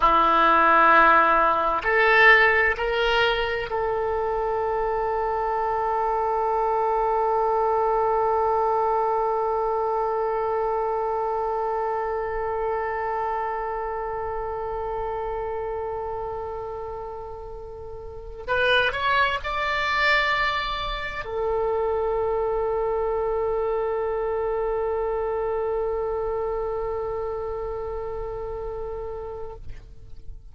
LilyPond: \new Staff \with { instrumentName = "oboe" } { \time 4/4 \tempo 4 = 65 e'2 a'4 ais'4 | a'1~ | a'1~ | a'1~ |
a'1 | b'8 cis''8 d''2 a'4~ | a'1~ | a'1 | }